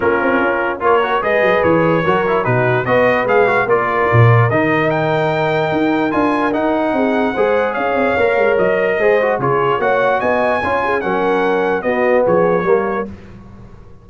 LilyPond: <<
  \new Staff \with { instrumentName = "trumpet" } { \time 4/4 \tempo 4 = 147 ais'2 cis''4 dis''4 | cis''2 b'4 dis''4 | f''4 d''2 dis''4 | g''2. gis''4 |
fis''2. f''4~ | f''4 dis''2 cis''4 | fis''4 gis''2 fis''4~ | fis''4 dis''4 cis''2 | }
  \new Staff \with { instrumentName = "horn" } { \time 4/4 f'2 ais'4 b'4~ | b'4 ais'4 fis'4 b'4~ | b'4 ais'2.~ | ais'1~ |
ais'4 gis'4 c''4 cis''4~ | cis''2 c''4 gis'4 | cis''4 dis''4 cis''8 gis'8 ais'4~ | ais'4 fis'4 gis'4 ais'4 | }
  \new Staff \with { instrumentName = "trombone" } { \time 4/4 cis'2 f'8 fis'8 gis'4~ | gis'4 fis'8 e'8 dis'4 fis'4 | gis'8 fis'8 f'2 dis'4~ | dis'2. f'4 |
dis'2 gis'2 | ais'2 gis'8 fis'8 f'4 | fis'2 f'4 cis'4~ | cis'4 b2 ais4 | }
  \new Staff \with { instrumentName = "tuba" } { \time 4/4 ais8 c'8 cis'4 ais4 gis8 fis8 | e4 fis4 b,4 b4 | gis4 ais4 ais,4 dis4~ | dis2 dis'4 d'4 |
dis'4 c'4 gis4 cis'8 c'8 | ais8 gis8 fis4 gis4 cis4 | ais4 b4 cis'4 fis4~ | fis4 b4 f4 g4 | }
>>